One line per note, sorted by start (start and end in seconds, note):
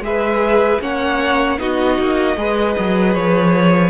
0.00 0.78 G#3
0.00 0.81 G#4
0.00 0.81 E5
0.06 0.81 B4
0.81 1.59 A#3
0.81 1.58 C#4
0.81 1.59 C#5
0.81 1.59 F#5
1.58 1.98 B3
1.58 2.36 D#4
1.58 2.38 F#4
1.58 3.14 D#5
1.99 2.37 A#3
2.37 2.75 G#3
2.37 3.90 G#4
2.37 3.90 B4
2.78 3.15 F#3
3.14 3.90 F3
3.14 3.90 C#5